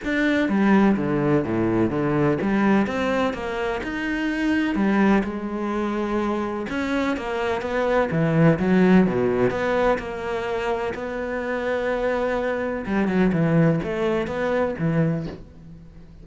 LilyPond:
\new Staff \with { instrumentName = "cello" } { \time 4/4 \tempo 4 = 126 d'4 g4 d4 a,4 | d4 g4 c'4 ais4 | dis'2 g4 gis4~ | gis2 cis'4 ais4 |
b4 e4 fis4 b,4 | b4 ais2 b4~ | b2. g8 fis8 | e4 a4 b4 e4 | }